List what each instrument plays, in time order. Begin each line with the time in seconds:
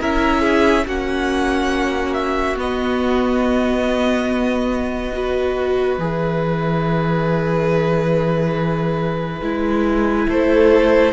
0.00 cello C#4, viola E4, violin A#4 E5
0.41 violin G#4
0.86 cello A#3, viola C#4, violin F#4 F#5
2.13 violin E5
2.57 viola B3, cello B3, violin D#5
5.13 viola F#4, violin B4
5.98 cello E3, viola G#4, violin E5
9.41 cello G#3, viola E4
10.28 cello A3, violin A4 C5